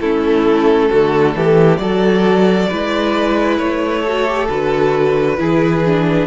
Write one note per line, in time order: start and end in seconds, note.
0.00 0.90 A3
0.00 0.93 C#4
0.00 0.89 E4
0.00 1.77 A4
0.89 1.36 D3
0.89 1.78 A3
0.89 1.34 F#4
1.36 1.78 E3
1.36 1.81 G4
1.77 2.68 F#3
1.77 2.67 F#4
1.77 2.68 A4
1.77 3.56 D5
2.68 3.59 G#3
2.68 4.06 E4
2.68 4.01 B4
3.57 4.48 A3
3.57 4.47 C#5
4.01 4.26 F#4
4.01 5.36 A4
4.26 4.49 G4
4.49 5.39 D3
4.49 5.37 F#4
4.49 6.27 B4
5.37 6.27 E3
5.37 5.82 E4
5.37 6.27 G#4
5.86 6.27 D4